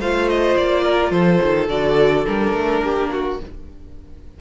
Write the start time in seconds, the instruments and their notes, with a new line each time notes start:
0.00 cello A3, viola F4, violin C5 F5
0.29 violin D#5
0.57 cello A#3, violin D5
0.85 violin A#4
1.11 cello F3, violin A4 C5
1.43 cello D#3
1.69 cello D3, viola F#4, violin D5
2.26 cello G3, viola D4, violin A#4
2.53 cello A3
2.83 cello A#3, violin G4
3.13 violin F#4